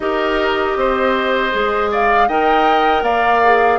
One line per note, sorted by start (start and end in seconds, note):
0.00 0.75 D#4
0.00 1.51 G4
0.00 0.77 A#4
0.00 1.90 D#5
0.75 1.51 C4
0.75 1.91 C5
1.51 2.28 G#3
1.51 2.27 G#4
1.91 2.28 D5
1.91 2.28 F5
2.28 3.02 D#4
2.28 3.43 A#4
2.28 3.03 D#5
2.28 3.03 G5
3.02 3.78 A#3
3.02 3.79 D5
3.02 3.79 F5
3.43 3.79 G#4